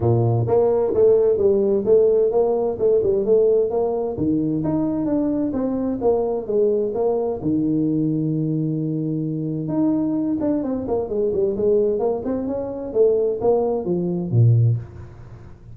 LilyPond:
\new Staff \with { instrumentName = "tuba" } { \time 4/4 \tempo 4 = 130 ais,4 ais4 a4 g4 | a4 ais4 a8 g8 a4 | ais4 dis4 dis'4 d'4 | c'4 ais4 gis4 ais4 |
dis1~ | dis4 dis'4. d'8 c'8 ais8 | gis8 g8 gis4 ais8 c'8 cis'4 | a4 ais4 f4 ais,4 | }